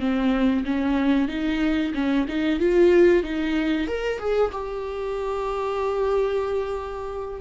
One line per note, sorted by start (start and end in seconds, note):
0.00 0.65 C4
0.65 1.28 C#4
1.28 1.93 D#4
1.94 2.27 C#4
2.28 2.59 D#4
2.59 3.23 F4
3.23 3.87 D#4
3.87 4.19 A#4
4.19 4.51 G#4
4.52 7.41 G4